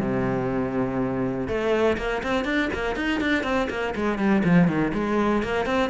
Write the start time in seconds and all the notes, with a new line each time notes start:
0.00 C3
1.47 A3
1.97 A#3
2.22 C4
2.44 D4
2.73 A#3
2.96 D#4
3.20 D4
3.43 C4
3.69 A#3
3.95 G#3
4.18 G3
4.44 F3
4.67 D#3
4.93 G#3
5.43 A#3
5.66 C4